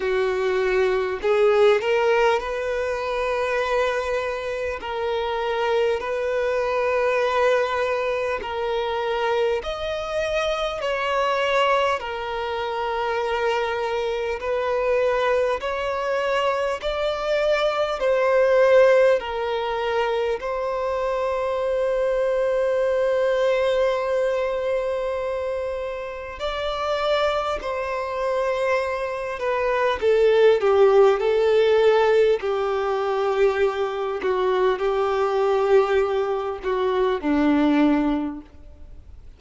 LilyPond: \new Staff \with { instrumentName = "violin" } { \time 4/4 \tempo 4 = 50 fis'4 gis'8 ais'8 b'2 | ais'4 b'2 ais'4 | dis''4 cis''4 ais'2 | b'4 cis''4 d''4 c''4 |
ais'4 c''2.~ | c''2 d''4 c''4~ | c''8 b'8 a'8 g'8 a'4 g'4~ | g'8 fis'8 g'4. fis'8 d'4 | }